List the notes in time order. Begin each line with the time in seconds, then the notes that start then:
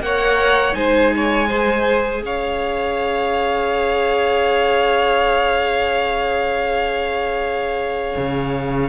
0.00 A#3 A#4 C#5 F#5
0.73 G#3 D#4 C5 G#5
1.16 C#5
1.48 G#4 C5
2.22 C#4 C#5 F5
8.16 C#3